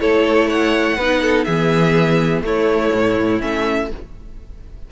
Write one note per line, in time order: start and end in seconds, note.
0.00 0.98 A3
0.00 0.98 E4
0.00 0.48 A4
0.00 0.50 C#5
0.48 0.97 C#5
0.48 1.45 F#5
0.97 1.46 B3
0.97 1.48 D#4
0.97 1.21 B4
1.22 1.46 A4
1.45 2.42 E3
1.45 2.45 B3
1.45 2.43 G#4
1.45 2.42 E5
2.42 2.91 A3
2.42 3.40 A3
2.42 3.92 E4
2.42 3.42 C#5
2.93 3.42 A2
3.40 3.92 A3
3.40 3.89 C#4
3.40 3.90 E5